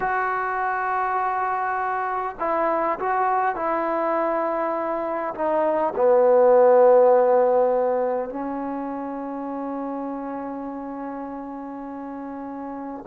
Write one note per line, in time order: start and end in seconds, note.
0.00 2.36 F#4
2.39 2.99 E4
2.99 3.55 F#4
3.55 5.34 E4
5.34 5.93 D#4
5.95 8.29 B3
8.29 13.04 C#4